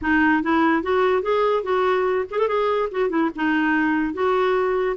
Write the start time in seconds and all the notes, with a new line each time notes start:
0.01 D#4
0.43 E4
0.82 F#4
1.22 G#4
1.63 F#4
2.31 G#4
2.38 A4
2.47 G#4
2.91 F#4
3.09 E4
3.35 D#4
4.13 F#4